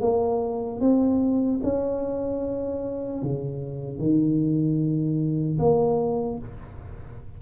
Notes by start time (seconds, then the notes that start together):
0.00 A#3
0.80 C4
1.63 C#4
3.22 C#3
3.98 D#3
5.58 A#3